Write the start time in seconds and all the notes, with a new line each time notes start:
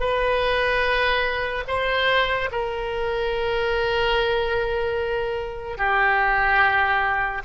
0.00 B4
1.67 C5
2.52 A#4
5.78 G4